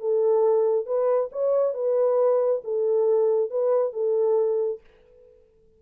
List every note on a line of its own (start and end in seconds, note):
0.00 0.86 A4
0.86 1.30 B4
1.32 1.74 C#5
1.74 2.62 B4
2.64 3.50 A4
3.50 3.93 B4
3.93 4.80 A4